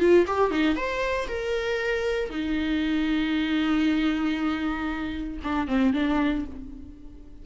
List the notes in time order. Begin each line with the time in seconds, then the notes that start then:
0.00 F4
0.27 G4
0.51 D#4
0.76 C5
1.28 A#4
2.30 D#4
5.44 D4
5.68 C4
5.94 D4